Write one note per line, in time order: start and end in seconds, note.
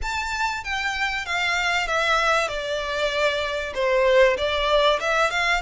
0.01 0.64 A5
0.64 1.25 G5
1.25 1.87 F5
1.87 2.48 E5
2.48 3.73 D5
3.74 4.36 C5
4.37 4.99 D5
4.99 5.30 E5
5.30 5.61 F5